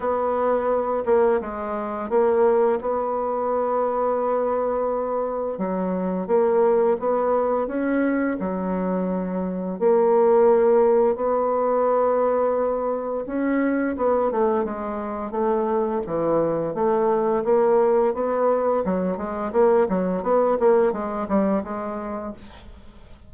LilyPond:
\new Staff \with { instrumentName = "bassoon" } { \time 4/4 \tempo 4 = 86 b4. ais8 gis4 ais4 | b1 | fis4 ais4 b4 cis'4 | fis2 ais2 |
b2. cis'4 | b8 a8 gis4 a4 e4 | a4 ais4 b4 fis8 gis8 | ais8 fis8 b8 ais8 gis8 g8 gis4 | }